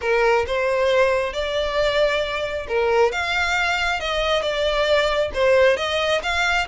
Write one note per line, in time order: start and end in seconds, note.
0.01 0.45 A#4
0.46 1.33 C5
1.33 2.66 D5
2.68 3.12 A#4
3.12 4.00 F5
4.00 4.42 D#5
4.42 5.31 D5
5.34 5.76 C5
5.76 6.21 D#5
6.22 6.67 F5